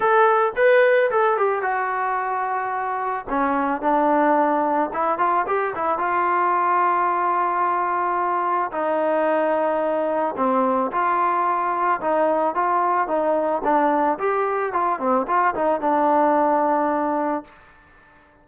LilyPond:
\new Staff \with { instrumentName = "trombone" } { \time 4/4 \tempo 4 = 110 a'4 b'4 a'8 g'8 fis'4~ | fis'2 cis'4 d'4~ | d'4 e'8 f'8 g'8 e'8 f'4~ | f'1 |
dis'2. c'4 | f'2 dis'4 f'4 | dis'4 d'4 g'4 f'8 c'8 | f'8 dis'8 d'2. | }